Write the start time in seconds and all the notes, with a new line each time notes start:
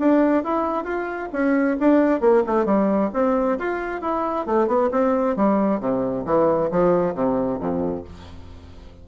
0.00 D4
0.44 E4
0.85 F4
1.33 C#4
1.80 D4
2.21 A#3
2.47 A3
2.66 G3
3.14 C4
3.59 F4
4.02 E4
4.47 A3
4.68 B3
4.92 C4
5.37 G3
5.81 C3
6.26 E3
6.71 F3
7.15 C3
7.60 F2